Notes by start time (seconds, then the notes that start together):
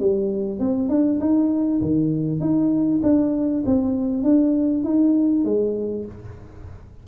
0.00 G3
0.60 C4
0.89 D4
1.20 D#4
1.82 D#3
2.40 D#4
3.03 D4
3.66 C4
4.23 D4
4.84 D#4
5.45 G#3